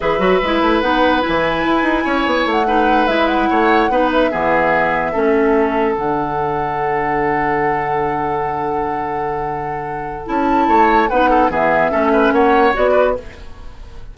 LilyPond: <<
  \new Staff \with { instrumentName = "flute" } { \time 4/4 \tempo 4 = 146 e''2 fis''4 gis''4~ | gis''2 fis''4. e''8 | fis''2 e''2~ | e''2~ e''8 fis''4.~ |
fis''1~ | fis''1~ | fis''4 a''2 fis''4 | e''2 fis''4 d''4 | }
  \new Staff \with { instrumentName = "oboe" } { \time 4/4 b'1~ | b'4 cis''4. b'4.~ | b'8 cis''4 b'4 gis'4.~ | gis'8 a'2.~ a'8~ |
a'1~ | a'1~ | a'2 cis''4 b'8 a'8 | gis'4 a'8 b'8 cis''4. b'8 | }
  \new Staff \with { instrumentName = "clarinet" } { \time 4/4 gis'8 fis'8 e'4 dis'4 e'4~ | e'2~ e'8 dis'4 e'8~ | e'4. dis'4 b4.~ | b8 cis'2 d'4.~ |
d'1~ | d'1~ | d'4 e'2 dis'4 | b4 cis'2 fis'4 | }
  \new Staff \with { instrumentName = "bassoon" } { \time 4/4 e8 fis8 gis8 a8 b4 e4 | e'8 dis'8 cis'8 b8 a4. gis8~ | gis8 a4 b4 e4.~ | e8 a2 d4.~ |
d1~ | d1~ | d4 cis'4 a4 b4 | e4 a4 ais4 b4 | }
>>